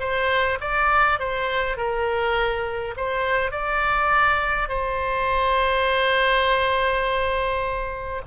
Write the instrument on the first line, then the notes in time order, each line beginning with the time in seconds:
oboe
0.00 C5
0.61 D5
1.20 C5
1.77 A#4
2.97 C5
3.51 D5
4.69 C5